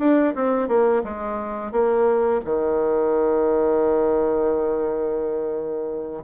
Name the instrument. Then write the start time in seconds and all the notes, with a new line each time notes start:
bassoon
0.00 D4
0.35 C4
0.69 A#3
1.04 G#3
1.72 A#3
2.45 D#3